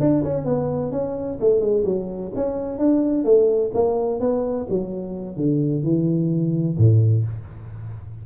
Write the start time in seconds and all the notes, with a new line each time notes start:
0.00 D4
0.23 C#4
0.45 B3
0.92 C#4
1.41 A3
1.60 G#3
1.85 F#3
2.35 C#4
2.79 D4
3.25 A3
3.74 A#3
4.20 B3
4.70 F#3
5.37 D3
5.83 E3
6.78 A2